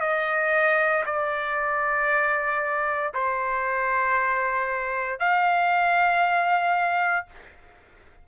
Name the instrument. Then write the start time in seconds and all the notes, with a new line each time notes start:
trumpet
0.00 D#5
1.06 D5
3.14 C5
5.19 F5